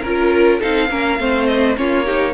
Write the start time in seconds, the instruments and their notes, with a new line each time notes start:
0.00 cello C#4, viola F4, violin A#4
0.06 violin A#4
0.59 cello C4, viola D#4, violin A4 F5
0.90 cello A#3, viola C#4, violin A#4
1.19 cello A3, viola C4, violin C5
1.46 violin D#5
1.75 cello A#3, viola C#4, violin F4 C#5
2.05 viola D#4, violin G4